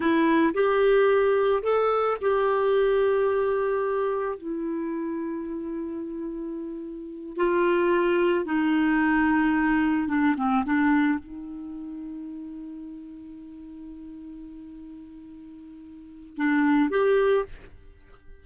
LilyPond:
\new Staff \with { instrumentName = "clarinet" } { \time 4/4 \tempo 4 = 110 e'4 g'2 a'4 | g'1 | e'1~ | e'4. f'2 dis'8~ |
dis'2~ dis'8 d'8 c'8 d'8~ | d'8 dis'2.~ dis'8~ | dis'1~ | dis'2 d'4 g'4 | }